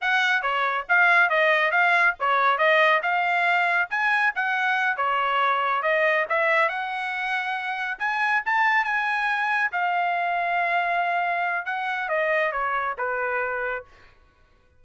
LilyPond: \new Staff \with { instrumentName = "trumpet" } { \time 4/4 \tempo 4 = 139 fis''4 cis''4 f''4 dis''4 | f''4 cis''4 dis''4 f''4~ | f''4 gis''4 fis''4. cis''8~ | cis''4. dis''4 e''4 fis''8~ |
fis''2~ fis''8 gis''4 a''8~ | a''8 gis''2 f''4.~ | f''2. fis''4 | dis''4 cis''4 b'2 | }